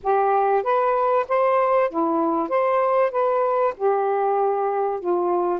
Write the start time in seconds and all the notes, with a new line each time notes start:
0.03 G4
0.62 B4
1.28 C5
1.89 E4
2.48 C5
3.11 B4
3.77 G4
4.99 F4